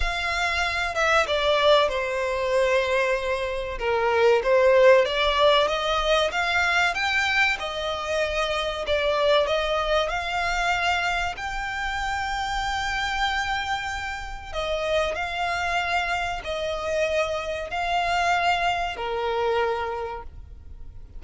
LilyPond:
\new Staff \with { instrumentName = "violin" } { \time 4/4 \tempo 4 = 95 f''4. e''8 d''4 c''4~ | c''2 ais'4 c''4 | d''4 dis''4 f''4 g''4 | dis''2 d''4 dis''4 |
f''2 g''2~ | g''2. dis''4 | f''2 dis''2 | f''2 ais'2 | }